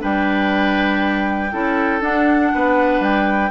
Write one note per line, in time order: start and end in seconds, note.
0.00 1.54 G3
0.00 1.50 D4
0.00 1.52 B4
0.00 2.03 G5
1.52 2.02 C#4
1.52 2.01 E4
1.52 2.53 A4
2.01 3.51 D4
2.01 2.52 D4
2.01 3.03 F#5
2.55 3.00 B3
2.55 3.51 B4
3.00 3.50 G3
3.00 3.51 G5